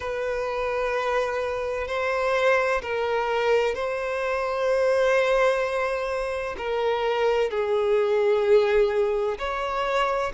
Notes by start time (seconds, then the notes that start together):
0.00 B4
1.87 C5
2.81 A#4
3.75 C5
6.57 A#4
7.50 G#4
9.38 C#5